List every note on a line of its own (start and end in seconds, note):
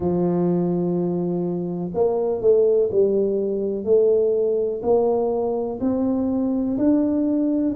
0.00 1.91 F3
1.94 2.41 A#3
2.41 2.89 A3
2.91 3.84 G3
3.84 4.81 A3
4.82 5.78 A#3
5.80 6.77 C4
6.77 7.74 D4